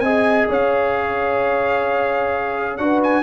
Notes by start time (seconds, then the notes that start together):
0.00 C4 G#4 D#5 G#5
0.49 C#4 C#5 F5
2.77 D4 F#4 B4 F#5
3.03 G#5